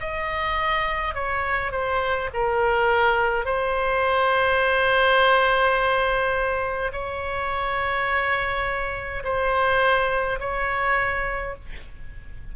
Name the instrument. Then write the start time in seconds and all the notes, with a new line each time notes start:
oboe
0.00 D#5
1.14 C#5
1.72 C5
2.34 A#4
3.45 C5
6.92 C#5
9.24 C5
10.40 C#5